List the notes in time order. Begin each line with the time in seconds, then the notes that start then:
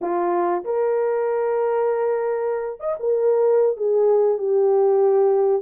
0.01 F4
0.64 A#4
2.80 D#5
2.99 A#4
3.76 G#4
4.38 G4